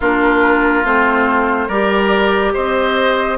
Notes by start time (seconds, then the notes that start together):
0.00 A#3 D4 F4 A#4
0.84 A3 C4 C5
1.68 G3 G4 A#4 D5
2.53 C4 C5 D#5